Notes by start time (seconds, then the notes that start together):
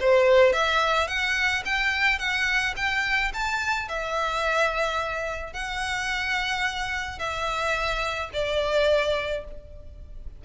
0.00 C5
0.53 E5
1.08 F#5
1.66 G5
2.19 F#5
2.77 G5
3.34 A5
3.88 E5
5.54 F#5
7.19 E5
8.34 D5